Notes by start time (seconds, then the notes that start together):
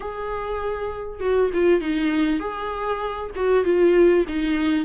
0.00 G#4
1.20 F#4
1.53 F4
1.80 D#4
2.39 G#4
3.35 F#4
3.64 F4
4.28 D#4